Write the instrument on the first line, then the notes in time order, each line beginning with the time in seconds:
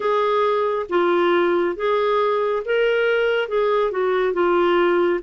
clarinet
0.00 G#4
0.89 F4
1.75 G#4
2.65 A#4
3.48 G#4
3.91 F#4
4.33 F4